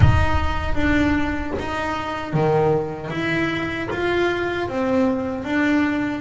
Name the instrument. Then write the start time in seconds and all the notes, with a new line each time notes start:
double bass
0.00 D#4
0.74 D4
1.58 D#4
2.33 D#3
3.10 E4
3.91 F4
4.68 C4
5.44 D4